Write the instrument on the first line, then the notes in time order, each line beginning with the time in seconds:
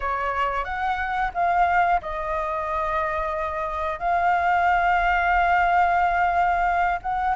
flute
0.00 C#5
0.64 F#5
1.34 F5
2.02 D#5
3.99 F5
7.02 F#5